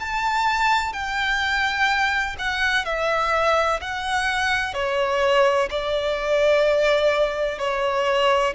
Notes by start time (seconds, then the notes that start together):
0.00 A5
0.94 G5
2.39 F#5
2.85 E5
3.81 F#5
4.74 C#5
5.71 D5
7.59 C#5